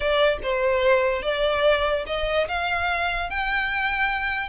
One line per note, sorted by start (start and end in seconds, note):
0.00 0.38 D5
0.42 1.22 C5
1.22 2.04 D5
2.06 2.47 D#5
2.48 3.30 F5
3.30 4.49 G5